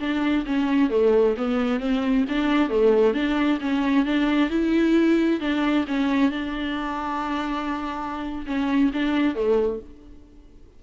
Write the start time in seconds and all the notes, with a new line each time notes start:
0.00 D4
0.46 C#4
0.90 A3
1.37 B3
1.80 C4
2.29 D4
2.69 A3
3.14 D4
3.61 C#4
4.06 D4
4.50 E4
5.40 D4
5.87 C#4
6.31 D4
8.46 C#4
8.93 D4
9.35 A3